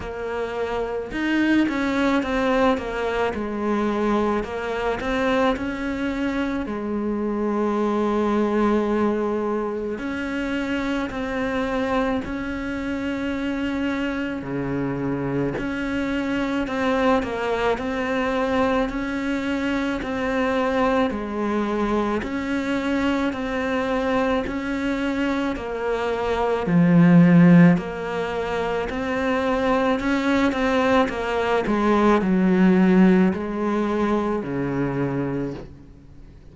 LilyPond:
\new Staff \with { instrumentName = "cello" } { \time 4/4 \tempo 4 = 54 ais4 dis'8 cis'8 c'8 ais8 gis4 | ais8 c'8 cis'4 gis2~ | gis4 cis'4 c'4 cis'4~ | cis'4 cis4 cis'4 c'8 ais8 |
c'4 cis'4 c'4 gis4 | cis'4 c'4 cis'4 ais4 | f4 ais4 c'4 cis'8 c'8 | ais8 gis8 fis4 gis4 cis4 | }